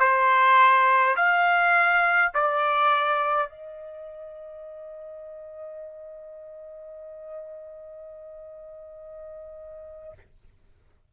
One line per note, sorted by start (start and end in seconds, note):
0.00 1.15 C5
1.16 2.32 F5
2.34 3.49 D5
3.49 10.13 D#5